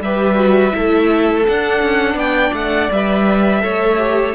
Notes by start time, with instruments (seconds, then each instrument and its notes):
0.00 cello G3, viola G4, violin B4 E5
0.35 viola F#4
0.72 cello A3, viola E4, violin A4
1.47 cello D4, viola D4, violin F#5
1.83 cello C#4
2.14 cello B3, violin D5 G5
2.53 cello A3, violin F#5
2.91 cello G3, viola B4, violin E5
3.61 cello A3, viola A4, violin C#5
3.98 viola G4